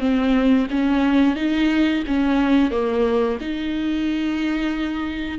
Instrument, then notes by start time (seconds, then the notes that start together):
viola
0.00 C4
0.70 C#4
1.36 D#4
2.07 C#4
2.71 A#3
3.41 D#4